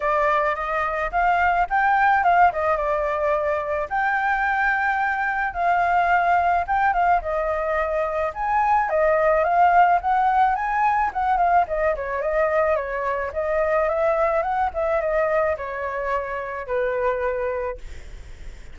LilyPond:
\new Staff \with { instrumentName = "flute" } { \time 4/4 \tempo 4 = 108 d''4 dis''4 f''4 g''4 | f''8 dis''8 d''2 g''4~ | g''2 f''2 | g''8 f''8 dis''2 gis''4 |
dis''4 f''4 fis''4 gis''4 | fis''8 f''8 dis''8 cis''8 dis''4 cis''4 | dis''4 e''4 fis''8 e''8 dis''4 | cis''2 b'2 | }